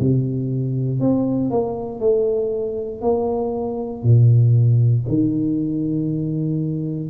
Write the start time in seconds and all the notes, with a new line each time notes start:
0.00 C3
1.00 C4
1.51 A#3
2.00 A3
3.01 A#3
4.03 A#2
5.08 D#3